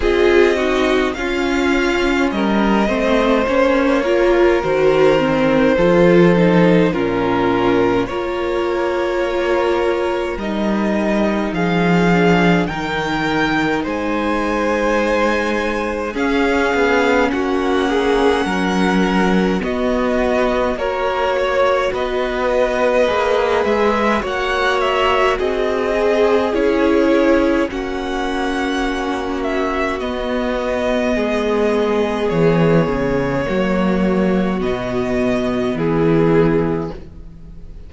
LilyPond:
<<
  \new Staff \with { instrumentName = "violin" } { \time 4/4 \tempo 4 = 52 dis''4 f''4 dis''4 cis''4 | c''2 ais'4 cis''4~ | cis''4 dis''4 f''4 g''4 | gis''2 f''4 fis''4~ |
fis''4 dis''4 cis''4 dis''4~ | dis''8 e''8 fis''8 e''8 dis''4 cis''4 | fis''4. e''8 dis''2 | cis''2 dis''4 gis'4 | }
  \new Staff \with { instrumentName = "violin" } { \time 4/4 gis'8 fis'8 f'4 ais'8 c''4 ais'8~ | ais'4 a'4 f'4 ais'4~ | ais'2 gis'4 ais'4 | c''2 gis'4 fis'8 gis'8 |
ais'4 fis'4 ais'8 cis''8 b'4~ | b'4 cis''4 gis'2 | fis'2. gis'4~ | gis'4 fis'2 e'4 | }
  \new Staff \with { instrumentName = "viola" } { \time 4/4 f'8 dis'8 cis'4. c'8 cis'8 f'8 | fis'8 c'8 f'8 dis'8 cis'4 f'4~ | f'4 dis'4. d'8 dis'4~ | dis'2 cis'2~ |
cis'4 b4 fis'2 | gis'4 fis'4. gis'8 e'4 | cis'2 b2~ | b4 ais4 b2 | }
  \new Staff \with { instrumentName = "cello" } { \time 4/4 c'4 cis'4 g8 a8 ais4 | dis4 f4 ais,4 ais4~ | ais4 g4 f4 dis4 | gis2 cis'8 b8 ais4 |
fis4 b4 ais4 b4 | ais8 gis8 ais4 c'4 cis'4 | ais2 b4 gis4 | e8 cis8 fis4 b,4 e4 | }
>>